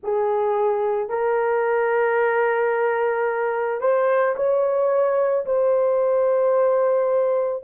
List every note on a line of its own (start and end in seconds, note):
0.03 1.09 G#4
1.09 3.80 A#4
3.80 4.35 C5
4.36 5.45 C#5
5.45 7.63 C5